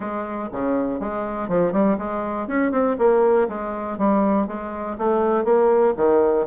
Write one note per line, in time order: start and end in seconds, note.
0.00 0.49 G#3
0.52 1.00 C#3
1.00 1.48 G#3
1.48 1.72 F3
1.72 1.97 G3
1.97 2.47 G#3
2.47 2.71 C#4
2.71 2.96 C4
2.98 3.48 A#3
3.48 3.97 G#3
3.97 4.47 G3
4.47 4.96 G#3
4.98 5.44 A3
5.44 5.94 A#3
5.96 6.46 D#3